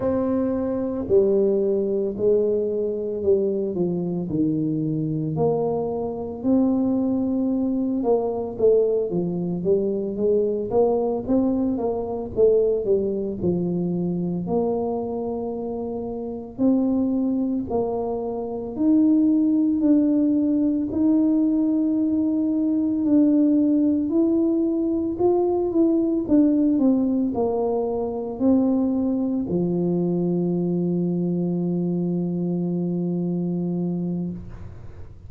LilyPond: \new Staff \with { instrumentName = "tuba" } { \time 4/4 \tempo 4 = 56 c'4 g4 gis4 g8 f8 | dis4 ais4 c'4. ais8 | a8 f8 g8 gis8 ais8 c'8 ais8 a8 | g8 f4 ais2 c'8~ |
c'8 ais4 dis'4 d'4 dis'8~ | dis'4. d'4 e'4 f'8 | e'8 d'8 c'8 ais4 c'4 f8~ | f1 | }